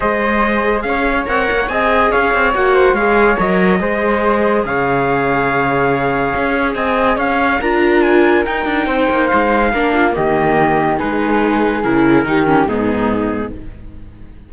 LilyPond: <<
  \new Staff \with { instrumentName = "trumpet" } { \time 4/4 \tempo 4 = 142 dis''2 f''4 fis''4 | gis''4 f''4 fis''4 f''4 | dis''2. f''4~ | f''1 |
gis''4 f''4 ais''4 gis''4 | g''2 f''2 | dis''2 b'2 | ais'2 gis'2 | }
  \new Staff \with { instrumentName = "flute" } { \time 4/4 c''2 cis''2 | dis''4 cis''4. c''8 cis''4~ | cis''4 c''2 cis''4~ | cis''1 |
dis''4 cis''4 ais'2~ | ais'4 c''2 ais'8 f'8 | g'2 gis'2~ | gis'4 g'4 dis'2 | }
  \new Staff \with { instrumentName = "viola" } { \time 4/4 gis'2. ais'4 | gis'2 fis'4 gis'4 | ais'4 gis'2.~ | gis'1~ |
gis'2 f'2 | dis'2. d'4 | ais2 dis'2 | e'4 dis'8 cis'8 b2 | }
  \new Staff \with { instrumentName = "cello" } { \time 4/4 gis2 cis'4 c'8 ais8 | c'4 cis'8 c'8 ais4 gis4 | fis4 gis2 cis4~ | cis2. cis'4 |
c'4 cis'4 d'2 | dis'8 d'8 c'8 ais8 gis4 ais4 | dis2 gis2 | cis4 dis4 gis,2 | }
>>